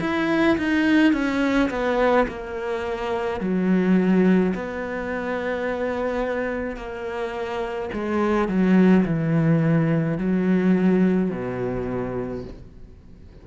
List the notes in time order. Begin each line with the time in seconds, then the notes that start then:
0.00 E4
0.57 D#4
1.13 C#4
1.69 B3
2.27 A#3
3.40 F#3
4.54 B3
6.76 A#3
7.93 G#3
8.48 F#3
9.05 E3
10.18 F#3
11.31 B2